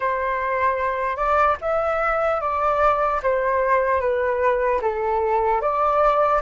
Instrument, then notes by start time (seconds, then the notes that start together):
flute
0.00 C5
1.16 D5
1.61 E5
2.40 D5
3.23 C5
4.00 B4
4.81 A4
5.61 D5